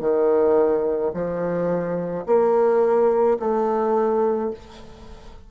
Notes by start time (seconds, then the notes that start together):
0.00 D#3
1.14 F3
2.26 A#3
3.39 A3